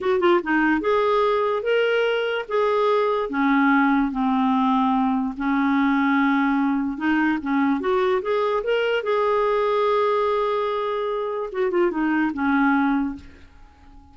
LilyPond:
\new Staff \with { instrumentName = "clarinet" } { \time 4/4 \tempo 4 = 146 fis'8 f'8 dis'4 gis'2 | ais'2 gis'2 | cis'2 c'2~ | c'4 cis'2.~ |
cis'4 dis'4 cis'4 fis'4 | gis'4 ais'4 gis'2~ | gis'1 | fis'8 f'8 dis'4 cis'2 | }